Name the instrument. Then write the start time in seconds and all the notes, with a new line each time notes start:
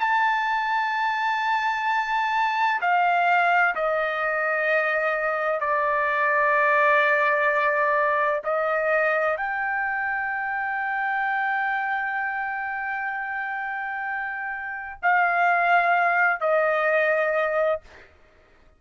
trumpet
0.00 A5
2.82 F5
3.75 D#5
5.61 D5
8.45 D#5
9.37 G5
15.03 F5
16.41 D#5